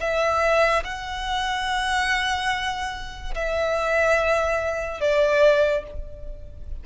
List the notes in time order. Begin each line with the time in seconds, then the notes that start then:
0.00 E5
0.84 F#5
3.35 E5
5.01 D5